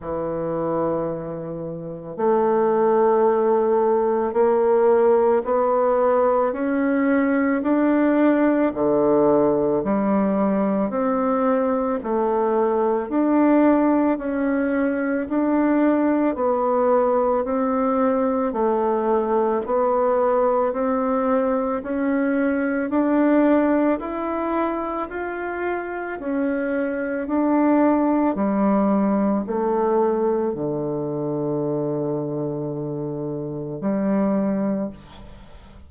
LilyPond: \new Staff \with { instrumentName = "bassoon" } { \time 4/4 \tempo 4 = 55 e2 a2 | ais4 b4 cis'4 d'4 | d4 g4 c'4 a4 | d'4 cis'4 d'4 b4 |
c'4 a4 b4 c'4 | cis'4 d'4 e'4 f'4 | cis'4 d'4 g4 a4 | d2. g4 | }